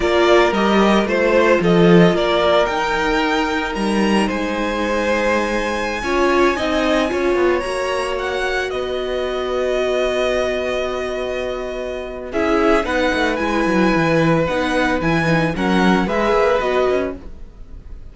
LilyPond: <<
  \new Staff \with { instrumentName = "violin" } { \time 4/4 \tempo 4 = 112 d''4 dis''4 c''4 dis''4 | d''4 g''2 ais''4 | gis''1~ | gis''2~ gis''16 ais''4 fis''8.~ |
fis''16 dis''2.~ dis''8.~ | dis''2. e''4 | fis''4 gis''2 fis''4 | gis''4 fis''4 e''4 dis''4 | }
  \new Staff \with { instrumentName = "violin" } { \time 4/4 ais'2 c''4 a'4 | ais'1 | c''2.~ c''16 cis''8.~ | cis''16 dis''4 cis''2~ cis''8.~ |
cis''16 b'2.~ b'8.~ | b'2. gis'4 | b'1~ | b'4 ais'4 b'2 | }
  \new Staff \with { instrumentName = "viola" } { \time 4/4 f'4 g'4 f'2~ | f'4 dis'2.~ | dis'2.~ dis'16 f'8.~ | f'16 dis'4 f'4 fis'4.~ fis'16~ |
fis'1~ | fis'2. e'4 | dis'4 e'2 dis'4 | e'8 dis'8 cis'4 gis'4 fis'4 | }
  \new Staff \with { instrumentName = "cello" } { \time 4/4 ais4 g4 a4 f4 | ais4 dis'2 g4 | gis2.~ gis16 cis'8.~ | cis'16 c'4 cis'8 b8 ais4.~ ais16~ |
ais16 b2.~ b8.~ | b2. cis'4 | b8 a8 gis8 fis8 e4 b4 | e4 fis4 gis8 ais8 b8 cis'8 | }
>>